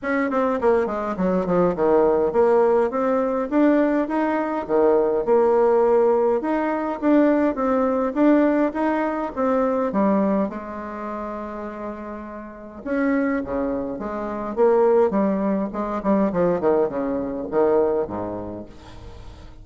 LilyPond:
\new Staff \with { instrumentName = "bassoon" } { \time 4/4 \tempo 4 = 103 cis'8 c'8 ais8 gis8 fis8 f8 dis4 | ais4 c'4 d'4 dis'4 | dis4 ais2 dis'4 | d'4 c'4 d'4 dis'4 |
c'4 g4 gis2~ | gis2 cis'4 cis4 | gis4 ais4 g4 gis8 g8 | f8 dis8 cis4 dis4 gis,4 | }